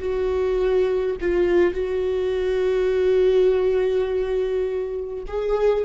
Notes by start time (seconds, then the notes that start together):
0.00 F#4
1.22 F4
1.74 F#4
5.28 G#4